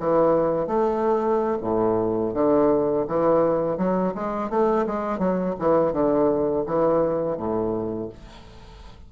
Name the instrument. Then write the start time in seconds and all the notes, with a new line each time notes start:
bassoon
0.00 E3
0.67 A3
1.62 A2
2.34 D3
3.08 E3
3.78 F#3
4.15 G#3
4.50 A3
4.87 G#3
5.19 F#3
5.59 E3
5.93 D3
6.66 E3
7.37 A2